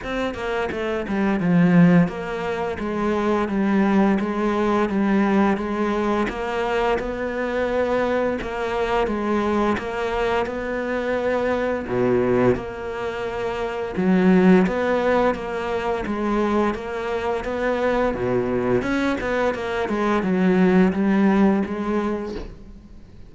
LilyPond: \new Staff \with { instrumentName = "cello" } { \time 4/4 \tempo 4 = 86 c'8 ais8 a8 g8 f4 ais4 | gis4 g4 gis4 g4 | gis4 ais4 b2 | ais4 gis4 ais4 b4~ |
b4 b,4 ais2 | fis4 b4 ais4 gis4 | ais4 b4 b,4 cis'8 b8 | ais8 gis8 fis4 g4 gis4 | }